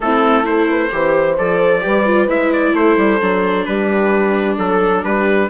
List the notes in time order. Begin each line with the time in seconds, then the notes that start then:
0.00 A3 C4 E4 A4
0.43 E4 A4 C5
0.69 B4
0.90 E3 G4 C5
1.37 F3 A4 D5
1.80 G3 G4 B4
2.06 F4
2.28 G#3 E4 E5
2.52 D5
2.73 A3 A4 C5
2.97 G3
3.21 F#3 D4
3.65 G3 G4 B4
4.57 F#3 A4
5.03 G3 G4 B4